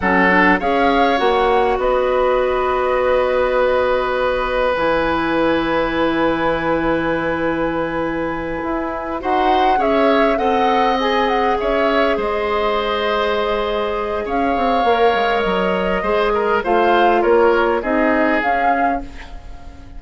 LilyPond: <<
  \new Staff \with { instrumentName = "flute" } { \time 4/4 \tempo 4 = 101 fis''4 f''4 fis''4 dis''4~ | dis''1 | gis''1~ | gis''2.~ gis''8 fis''8~ |
fis''8 e''4 fis''4 gis''8 fis''8 e''8~ | e''8 dis''2.~ dis''8 | f''2 dis''2 | f''4 cis''4 dis''4 f''4 | }
  \new Staff \with { instrumentName = "oboe" } { \time 4/4 a'4 cis''2 b'4~ | b'1~ | b'1~ | b'2.~ b'8 c''8~ |
c''8 cis''4 dis''2 cis''8~ | cis''8 c''2.~ c''8 | cis''2. c''8 ais'8 | c''4 ais'4 gis'2 | }
  \new Staff \with { instrumentName = "clarinet" } { \time 4/4 cis'8 d'8 gis'4 fis'2~ | fis'1 | e'1~ | e'2.~ e'8 fis'8~ |
fis'8 gis'4 a'4 gis'4.~ | gis'1~ | gis'4 ais'2 gis'4 | f'2 dis'4 cis'4 | }
  \new Staff \with { instrumentName = "bassoon" } { \time 4/4 fis4 cis'4 ais4 b4~ | b1 | e1~ | e2~ e8 e'4 dis'8~ |
dis'8 cis'4 c'2 cis'8~ | cis'8 gis2.~ gis8 | cis'8 c'8 ais8 gis8 fis4 gis4 | a4 ais4 c'4 cis'4 | }
>>